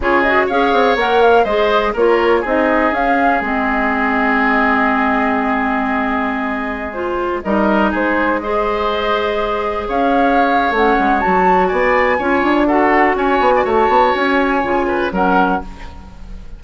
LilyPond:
<<
  \new Staff \with { instrumentName = "flute" } { \time 4/4 \tempo 4 = 123 cis''8 dis''8 f''4 fis''8 f''8 dis''4 | cis''4 dis''4 f''4 dis''4~ | dis''1~ | dis''2~ dis''16 c''4 dis''8.~ |
dis''16 c''4 dis''2~ dis''8.~ | dis''16 f''4.~ f''16 fis''4 a''4 | gis''2 fis''4 gis''4 | a''4 gis''2 fis''4 | }
  \new Staff \with { instrumentName = "oboe" } { \time 4/4 gis'4 cis''2 c''4 | ais'4 gis'2.~ | gis'1~ | gis'2.~ gis'16 ais'8.~ |
ais'16 gis'4 c''2~ c''8.~ | c''16 cis''2.~ cis''8. | d''4 cis''4 a'4 cis''8. d''16 | cis''2~ cis''8 b'8 ais'4 | }
  \new Staff \with { instrumentName = "clarinet" } { \time 4/4 f'8 fis'8 gis'4 ais'4 gis'4 | f'4 dis'4 cis'4 c'4~ | c'1~ | c'2~ c'16 f'4 dis'8.~ |
dis'4~ dis'16 gis'2~ gis'8.~ | gis'2 cis'4 fis'4~ | fis'4 f'4 fis'2~ | fis'2 f'4 cis'4 | }
  \new Staff \with { instrumentName = "bassoon" } { \time 4/4 cis4 cis'8 c'8 ais4 gis4 | ais4 c'4 cis'4 gis4~ | gis1~ | gis2.~ gis16 g8.~ |
g16 gis2.~ gis8.~ | gis16 cis'4.~ cis'16 a8 gis8 fis4 | b4 cis'8 d'4. cis'8 b8 | a8 b8 cis'4 cis4 fis4 | }
>>